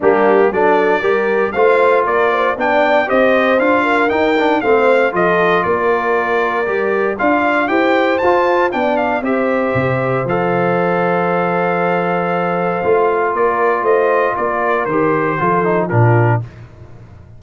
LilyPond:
<<
  \new Staff \with { instrumentName = "trumpet" } { \time 4/4 \tempo 4 = 117 g'4 d''2 f''4 | d''4 g''4 dis''4 f''4 | g''4 f''4 dis''4 d''4~ | d''2 f''4 g''4 |
a''4 g''8 f''8 e''2 | f''1~ | f''2 d''4 dis''4 | d''4 c''2 ais'4 | }
  \new Staff \with { instrumentName = "horn" } { \time 4/4 d'4 a'4 ais'4 c''4 | ais'8 c''8 d''4 c''4. ais'8~ | ais'4 c''4 a'4 ais'4~ | ais'2 d''4 c''4~ |
c''4 d''4 c''2~ | c''1~ | c''2 ais'4 c''4 | ais'2 a'4 f'4 | }
  \new Staff \with { instrumentName = "trombone" } { \time 4/4 ais4 d'4 g'4 f'4~ | f'4 d'4 g'4 f'4 | dis'8 d'8 c'4 f'2~ | f'4 g'4 f'4 g'4 |
f'4 d'4 g'2 | a'1~ | a'4 f'2.~ | f'4 g'4 f'8 dis'8 d'4 | }
  \new Staff \with { instrumentName = "tuba" } { \time 4/4 g4 fis4 g4 a4 | ais4 b4 c'4 d'4 | dis'4 a4 f4 ais4~ | ais4 g4 d'4 e'4 |
f'4 b4 c'4 c4 | f1~ | f4 a4 ais4 a4 | ais4 dis4 f4 ais,4 | }
>>